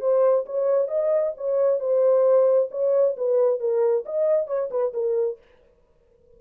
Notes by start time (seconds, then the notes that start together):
0.00 C5
0.45 C#5
0.88 D#5
1.37 C#5
1.80 C5
2.71 C#5
3.17 B4
3.60 A#4
4.05 D#5
4.47 C#5
4.70 B4
4.93 A#4